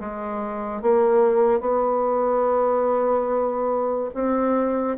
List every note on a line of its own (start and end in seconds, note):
0.00 0.82 G#3
0.82 1.60 A#3
1.60 4.10 B3
4.14 4.98 C4